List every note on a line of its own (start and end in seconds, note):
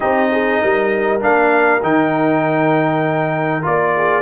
0.00 0.62 C4
0.00 1.19 D#4
0.00 0.30 G4
0.00 1.20 D#5
0.32 0.61 G#4
0.61 1.22 G3
0.61 3.94 A#4
1.19 1.82 A#3
1.19 1.80 D4
1.19 1.83 F5
1.82 3.64 D#3
1.82 3.62 D#4
1.82 3.65 G5
3.62 4.22 A#3
3.62 4.22 F4
3.62 4.22 D5
3.96 4.22 G#4